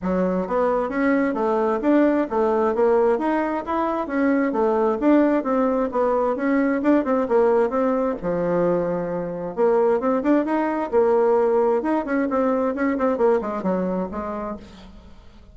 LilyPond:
\new Staff \with { instrumentName = "bassoon" } { \time 4/4 \tempo 4 = 132 fis4 b4 cis'4 a4 | d'4 a4 ais4 dis'4 | e'4 cis'4 a4 d'4 | c'4 b4 cis'4 d'8 c'8 |
ais4 c'4 f2~ | f4 ais4 c'8 d'8 dis'4 | ais2 dis'8 cis'8 c'4 | cis'8 c'8 ais8 gis8 fis4 gis4 | }